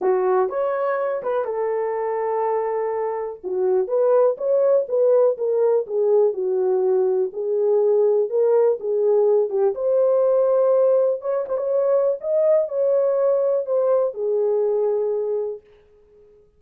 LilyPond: \new Staff \with { instrumentName = "horn" } { \time 4/4 \tempo 4 = 123 fis'4 cis''4. b'8 a'4~ | a'2. fis'4 | b'4 cis''4 b'4 ais'4 | gis'4 fis'2 gis'4~ |
gis'4 ais'4 gis'4. g'8 | c''2. cis''8 c''16 cis''16~ | cis''4 dis''4 cis''2 | c''4 gis'2. | }